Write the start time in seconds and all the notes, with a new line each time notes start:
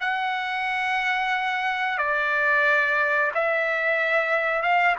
0.00 F#5
1.98 D5
3.34 E5
4.62 F5